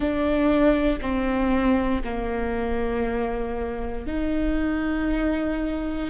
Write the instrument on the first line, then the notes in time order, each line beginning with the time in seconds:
viola
0.00 D4
1.01 C4
2.03 A#3
4.06 D#4